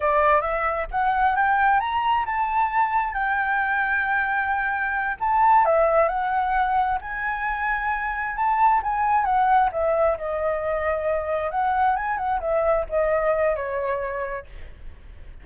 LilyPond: \new Staff \with { instrumentName = "flute" } { \time 4/4 \tempo 4 = 133 d''4 e''4 fis''4 g''4 | ais''4 a''2 g''4~ | g''2.~ g''8 a''8~ | a''8 e''4 fis''2 gis''8~ |
gis''2~ gis''8 a''4 gis''8~ | gis''8 fis''4 e''4 dis''4.~ | dis''4. fis''4 gis''8 fis''8 e''8~ | e''8 dis''4. cis''2 | }